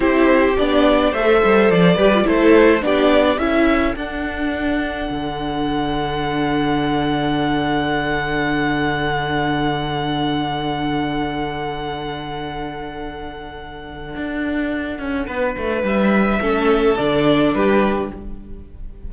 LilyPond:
<<
  \new Staff \with { instrumentName = "violin" } { \time 4/4 \tempo 4 = 106 c''4 d''4 e''4 d''4 | c''4 d''4 e''4 fis''4~ | fis''1~ | fis''1~ |
fis''1~ | fis''1~ | fis''1 | e''2 d''4 b'4 | }
  \new Staff \with { instrumentName = "violin" } { \time 4/4 g'2 c''4. b'8 | a'4 g'4 a'2~ | a'1~ | a'1~ |
a'1~ | a'1~ | a'2. b'4~ | b'4 a'2 g'4 | }
  \new Staff \with { instrumentName = "viola" } { \time 4/4 e'4 d'4 a'4. g'16 f'16 | e'4 d'4 e'4 d'4~ | d'1~ | d'1~ |
d'1~ | d'1~ | d'1~ | d'4 cis'4 d'2 | }
  \new Staff \with { instrumentName = "cello" } { \time 4/4 c'4 b4 a8 g8 f8 g8 | a4 b4 cis'4 d'4~ | d'4 d2.~ | d1~ |
d1~ | d1~ | d4 d'4. cis'8 b8 a8 | g4 a4 d4 g4 | }
>>